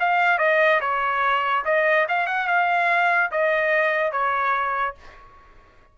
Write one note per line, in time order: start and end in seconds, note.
0.00 0.39 F5
0.39 0.80 D#5
0.81 1.64 C#5
1.65 2.07 D#5
2.09 2.27 F5
2.27 2.48 F#5
2.48 3.31 F5
3.32 4.12 D#5
4.12 4.95 C#5